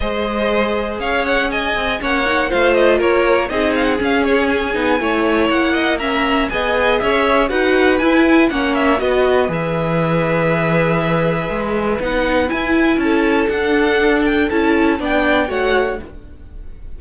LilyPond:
<<
  \new Staff \with { instrumentName = "violin" } { \time 4/4 \tempo 4 = 120 dis''2 f''8 fis''8 gis''4 | fis''4 f''8 dis''8 cis''4 dis''8 f''16 fis''16 | f''8 cis''8 gis''2 fis''4 | ais''4 gis''4 e''4 fis''4 |
gis''4 fis''8 e''8 dis''4 e''4~ | e''1 | fis''4 gis''4 a''4 fis''4~ | fis''8 g''8 a''4 g''4 fis''4 | }
  \new Staff \with { instrumentName = "violin" } { \time 4/4 c''2 cis''4 dis''4 | cis''4 c''4 ais'4 gis'4~ | gis'2 cis''4. dis''8 | e''4 dis''4 cis''4 b'4~ |
b'4 cis''4 b'2~ | b'1~ | b'2 a'2~ | a'2 d''4 cis''4 | }
  \new Staff \with { instrumentName = "viola" } { \time 4/4 gis'1 | cis'8 dis'8 f'2 dis'4 | cis'4. dis'8 e'2 | cis'4 gis'2 fis'4 |
e'4 cis'4 fis'4 gis'4~ | gis'1 | dis'4 e'2 d'4~ | d'4 e'4 d'4 fis'4 | }
  \new Staff \with { instrumentName = "cello" } { \time 4/4 gis2 cis'4. c'8 | ais4 a4 ais4 c'4 | cis'4. b8 a4 ais4~ | ais4 b4 cis'4 dis'4 |
e'4 ais4 b4 e4~ | e2. gis4 | b4 e'4 cis'4 d'4~ | d'4 cis'4 b4 a4 | }
>>